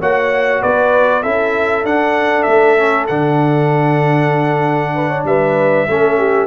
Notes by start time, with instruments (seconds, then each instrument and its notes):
0.00 tuba A#3, trombone F#4, horn C#5, trumpet F#5
0.62 tuba B3, horn B4, trumpet D5
1.23 tuba C#4, trombone E4, horn A4, trumpet E5
1.84 tuba D4, trombone D4, trumpet F#5
2.43 tuba A3, trumpet E5
2.77 trombone C#4
3.07 tuba D3, trombone D4, trumpet F#5
4.95 horn B4
5.10 horn C#5
5.25 tuba G3, horn B4, trumpet E5
5.88 tuba A3, trombone C#4, horn A4
6.18 horn G4